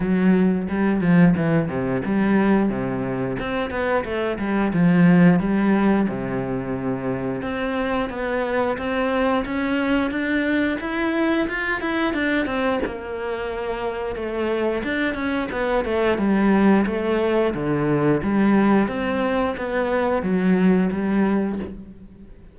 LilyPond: \new Staff \with { instrumentName = "cello" } { \time 4/4 \tempo 4 = 89 fis4 g8 f8 e8 c8 g4 | c4 c'8 b8 a8 g8 f4 | g4 c2 c'4 | b4 c'4 cis'4 d'4 |
e'4 f'8 e'8 d'8 c'8 ais4~ | ais4 a4 d'8 cis'8 b8 a8 | g4 a4 d4 g4 | c'4 b4 fis4 g4 | }